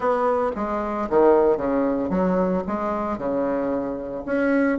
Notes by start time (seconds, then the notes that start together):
0.00 B3
0.55 G#3
1.09 D#3
1.57 C#3
2.09 F#3
2.67 G#3
3.17 C#3
4.25 C#4